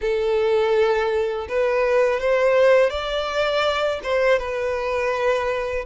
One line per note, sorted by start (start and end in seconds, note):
0.01 1.47 A4
1.48 2.20 B4
2.20 2.90 C5
2.90 3.99 D5
4.03 4.38 C5
4.38 5.85 B4